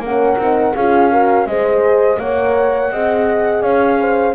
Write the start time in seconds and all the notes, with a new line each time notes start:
0.00 A#3 C#4 A#4 F#5
0.38 C4 D#4
0.76 C#4 F4 G#4 F5
1.12 F#4 A#4
1.47 G#3 G#4 C5 D#5
2.18 A#3 A#4 C#5 F#5
2.92 C4 G#4 D#5
3.63 C#4 C#5 F5
4.00 C5